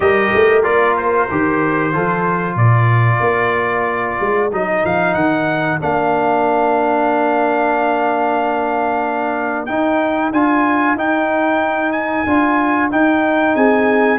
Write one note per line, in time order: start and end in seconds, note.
0.00 0.31 G3
0.00 0.63 G4
0.00 1.94 A#4
0.00 0.62 D#5
0.35 0.65 A3
0.63 1.29 A#3
0.63 1.27 F4
0.63 0.95 D5
0.97 2.57 C5
1.30 1.93 D#3
1.30 1.92 G4
1.92 2.55 F3
1.92 4.50 F4
1.92 2.58 A4
2.55 3.20 A#2
2.55 13.54 A#4
2.55 4.50 D5
3.20 4.17 A#3
4.20 4.52 G#3
4.52 4.84 F#3
4.52 5.80 D#4
4.52 4.85 D#5
4.84 5.14 F3
4.84 5.14 F5
5.14 5.79 D#3
5.14 5.78 F#5
5.80 9.68 A#3
5.80 9.67 D4
5.80 9.66 F5
9.66 10.32 D#4
9.66 10.30 G5
10.32 10.94 D4
10.32 10.97 F4
10.32 10.97 G#5
10.94 12.24 D#4
10.94 12.26 D#4
10.94 11.92 G5
11.92 12.88 G#5
12.26 12.90 D4
12.26 12.91 F4
12.91 14.18 D#4
12.91 13.55 D#4
12.91 13.55 G5
13.55 14.18 C4
13.55 14.18 G#4
13.55 14.18 G#5